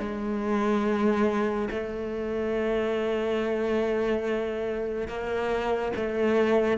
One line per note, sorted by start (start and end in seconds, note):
0.00 1.69 G#3
1.71 5.08 A3
5.08 5.93 A#3
5.97 6.78 A3